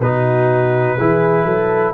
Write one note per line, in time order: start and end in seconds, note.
0.00 0.97 B2
0.00 0.99 D#4
0.00 0.98 F#4
0.00 1.94 B4
0.98 1.45 E3
0.98 1.94 E4
0.98 1.45 G#4
1.45 1.93 F#3
1.45 1.94 A4